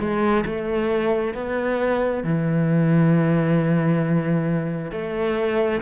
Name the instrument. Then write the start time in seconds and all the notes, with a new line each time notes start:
cello
0.00 G#3
0.46 A3
1.34 B3
2.24 E3
4.92 A3